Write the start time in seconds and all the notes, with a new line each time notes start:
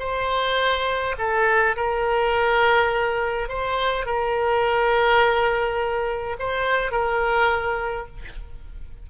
0.00 C5
1.19 A4
1.77 A#4
3.49 C5
4.06 A#4
6.40 C5
6.92 A#4